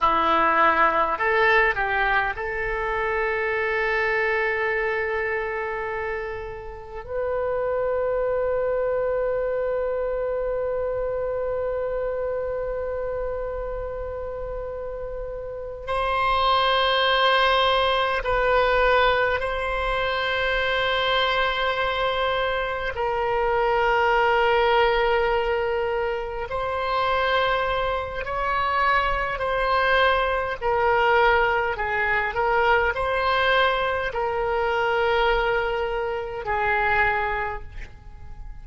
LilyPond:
\new Staff \with { instrumentName = "oboe" } { \time 4/4 \tempo 4 = 51 e'4 a'8 g'8 a'2~ | a'2 b'2~ | b'1~ | b'4. c''2 b'8~ |
b'8 c''2. ais'8~ | ais'2~ ais'8 c''4. | cis''4 c''4 ais'4 gis'8 ais'8 | c''4 ais'2 gis'4 | }